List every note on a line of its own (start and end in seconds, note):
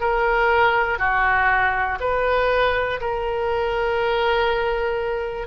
0.00 0.98 A#4
0.98 1.98 F#4
2.00 3.00 B4
3.00 5.47 A#4